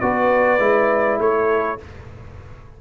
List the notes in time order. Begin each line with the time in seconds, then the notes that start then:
0.00 B3 F#4 B4 D5
0.59 G#3 E4
1.19 A3 A4 C#5